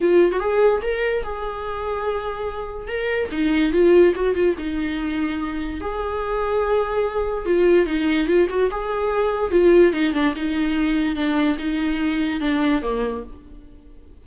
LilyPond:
\new Staff \with { instrumentName = "viola" } { \time 4/4 \tempo 4 = 145 f'8. fis'16 gis'4 ais'4 gis'4~ | gis'2. ais'4 | dis'4 f'4 fis'8 f'8 dis'4~ | dis'2 gis'2~ |
gis'2 f'4 dis'4 | f'8 fis'8 gis'2 f'4 | dis'8 d'8 dis'2 d'4 | dis'2 d'4 ais4 | }